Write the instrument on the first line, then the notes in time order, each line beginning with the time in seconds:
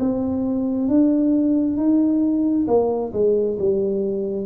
tuba
0.00 C4
0.88 D4
1.77 D#4
2.67 A#3
3.13 G#3
3.59 G3